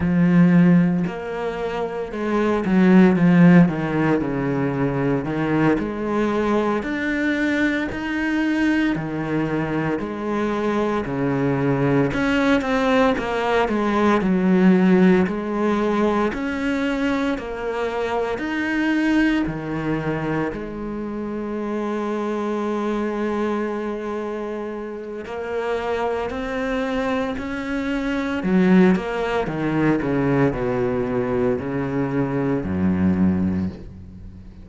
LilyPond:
\new Staff \with { instrumentName = "cello" } { \time 4/4 \tempo 4 = 57 f4 ais4 gis8 fis8 f8 dis8 | cis4 dis8 gis4 d'4 dis'8~ | dis'8 dis4 gis4 cis4 cis'8 | c'8 ais8 gis8 fis4 gis4 cis'8~ |
cis'8 ais4 dis'4 dis4 gis8~ | gis1 | ais4 c'4 cis'4 fis8 ais8 | dis8 cis8 b,4 cis4 fis,4 | }